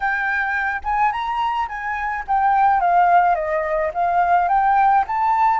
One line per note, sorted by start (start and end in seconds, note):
0.00 0.81 G5
0.84 1.11 G#5
1.11 1.67 A#5
1.68 2.24 G#5
2.27 2.80 G5
2.80 3.35 F5
3.35 3.91 D#5
3.94 4.48 F5
4.48 5.04 G5
5.07 5.59 A5